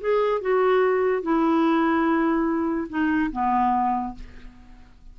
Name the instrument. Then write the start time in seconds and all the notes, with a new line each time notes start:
clarinet
0.00 G#4
0.41 F#4
1.22 E4
2.89 D#4
3.32 B3